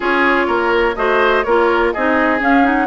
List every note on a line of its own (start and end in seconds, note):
0.00 0.47 C#4
0.00 0.95 F4
0.00 0.47 G#4
0.00 0.95 C#5
0.47 0.95 A#3
0.47 0.95 A#4
0.95 1.44 A3
0.95 1.44 F#4
0.95 1.45 C5
0.95 1.43 D#5
1.43 1.93 A#3
1.43 1.95 F4
1.43 1.93 A#4
1.43 1.91 C#5
1.92 2.40 C4
1.92 2.39 D#4
1.92 2.87 G#4
1.92 2.40 D#5
2.39 2.63 C#4
2.39 2.87 C#4
2.39 2.66 F5
2.63 2.87 D#4
2.63 2.87 F#5